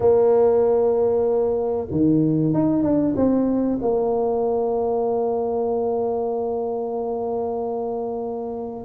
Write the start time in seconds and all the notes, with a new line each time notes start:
0.00 A#3
1.91 D#3
2.53 D#4
2.82 D4
3.16 C4
3.81 A#3